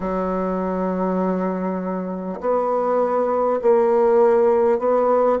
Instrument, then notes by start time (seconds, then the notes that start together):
bassoon
0.00 F#3
2.40 B3
3.61 A#3
4.78 B3